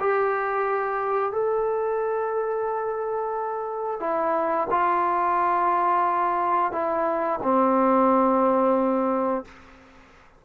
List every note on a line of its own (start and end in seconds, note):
0.00 1.32 G4
1.32 4.01 A4
4.01 4.68 E4
4.71 6.72 F4
6.72 7.40 E4
7.43 9.45 C4